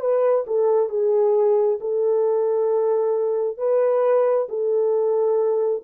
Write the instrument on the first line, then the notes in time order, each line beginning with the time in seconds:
horn
0.00 B4
0.47 A4
0.90 G#4
1.81 A4
3.58 B4
4.49 A4